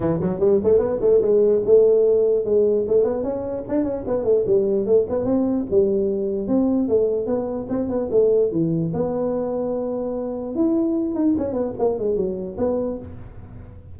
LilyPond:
\new Staff \with { instrumentName = "tuba" } { \time 4/4 \tempo 4 = 148 e8 fis8 g8 a8 b8 a8 gis4 | a2 gis4 a8 b8 | cis'4 d'8 cis'8 b8 a8 g4 | a8 b8 c'4 g2 |
c'4 a4 b4 c'8 b8 | a4 e4 b2~ | b2 e'4. dis'8 | cis'8 b8 ais8 gis8 fis4 b4 | }